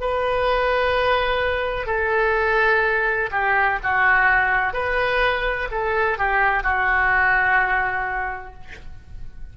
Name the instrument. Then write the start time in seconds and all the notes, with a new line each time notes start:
oboe
0.00 B4
1.87 A4
3.31 G4
3.83 F#4
4.73 B4
5.71 A4
6.18 G4
6.63 F#4